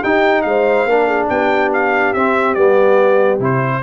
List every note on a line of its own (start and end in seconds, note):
0.00 0.88 D#4
0.00 0.44 D#4
0.00 0.42 G4
0.00 0.42 G5
0.42 0.85 G#3
0.42 0.89 C5
0.42 1.26 F5
0.85 1.27 A#3
0.85 2.15 D4
0.85 1.07 A#4
1.07 1.28 G#4
1.29 2.14 B3
1.29 3.82 G4
1.29 1.71 G5
1.73 2.13 F5
2.13 2.56 C4
2.13 2.54 E5
2.54 3.39 G3
2.54 3.40 B3
2.54 3.38 D5
3.39 3.81 C3
3.39 3.82 E4
3.39 3.83 C5